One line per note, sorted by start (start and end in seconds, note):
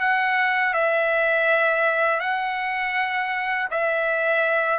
0.00 0.74 F#5
0.74 2.20 E5
2.20 3.68 F#5
3.71 4.79 E5